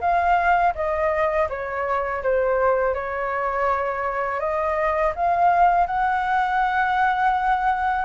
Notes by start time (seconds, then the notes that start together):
0.00 F5
0.75 D#5
1.49 C#5
2.23 C5
2.94 C#5
4.39 D#5
5.15 F5
5.86 F#5